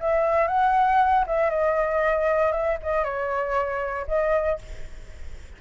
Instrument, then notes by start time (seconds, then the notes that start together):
flute
0.00 E5
0.48 F#5
1.27 E5
1.50 D#5
2.52 E5
2.83 D#5
3.04 C#5
4.08 D#5